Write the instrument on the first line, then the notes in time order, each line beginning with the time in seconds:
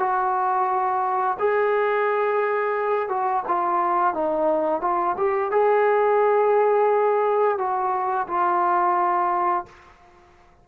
trombone
0.00 F#4
1.40 G#4
3.09 F#4
3.48 F4
4.15 D#4
4.82 F4
5.18 G4
5.52 G#4
7.58 F#4
8.28 F4